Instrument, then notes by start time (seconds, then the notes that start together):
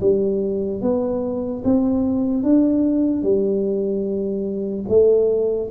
tuba
0.00 G3
0.81 B3
1.64 C4
2.43 D4
3.22 G3
4.88 A3